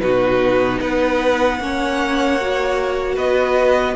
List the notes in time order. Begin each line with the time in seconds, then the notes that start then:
0.00 B2 D#4 F#4 B4
0.80 B3 B4 F#5
1.60 A#3 C#4 C#5
2.40 F#4
3.15 B3 B4 D#5